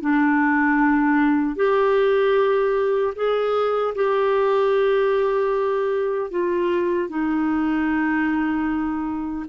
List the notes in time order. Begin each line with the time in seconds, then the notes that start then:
0.00 D4
1.55 G4
3.15 G#4
3.95 G4
6.30 F4
7.09 D#4